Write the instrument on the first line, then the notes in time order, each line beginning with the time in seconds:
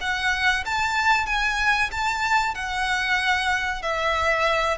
violin
0.00 F#5
0.65 A5
1.26 G#5
1.91 A5
2.54 F#5
3.82 E5